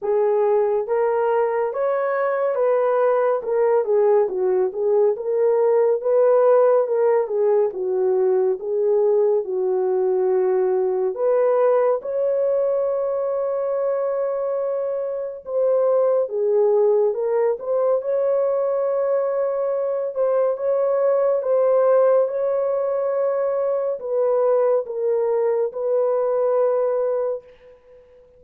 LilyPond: \new Staff \with { instrumentName = "horn" } { \time 4/4 \tempo 4 = 70 gis'4 ais'4 cis''4 b'4 | ais'8 gis'8 fis'8 gis'8 ais'4 b'4 | ais'8 gis'8 fis'4 gis'4 fis'4~ | fis'4 b'4 cis''2~ |
cis''2 c''4 gis'4 | ais'8 c''8 cis''2~ cis''8 c''8 | cis''4 c''4 cis''2 | b'4 ais'4 b'2 | }